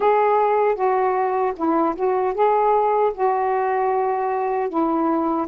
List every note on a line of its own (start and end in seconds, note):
0.00 0.75 G#4
0.75 1.53 F#4
1.56 1.95 E4
1.95 2.34 F#4
2.34 3.12 G#4
3.13 4.69 F#4
4.69 5.47 E4